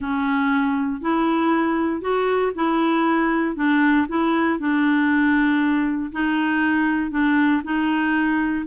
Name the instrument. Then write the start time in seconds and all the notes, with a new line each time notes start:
clarinet
0.00 C#4
1.01 E4
2.01 F#4
2.55 E4
3.55 D4
4.08 E4
4.59 D4
6.12 D#4
7.10 D4
7.64 D#4